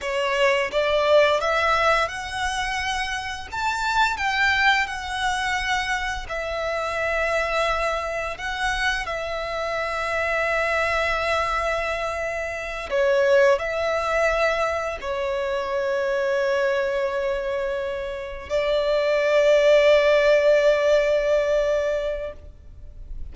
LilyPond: \new Staff \with { instrumentName = "violin" } { \time 4/4 \tempo 4 = 86 cis''4 d''4 e''4 fis''4~ | fis''4 a''4 g''4 fis''4~ | fis''4 e''2. | fis''4 e''2.~ |
e''2~ e''8 cis''4 e''8~ | e''4. cis''2~ cis''8~ | cis''2~ cis''8 d''4.~ | d''1 | }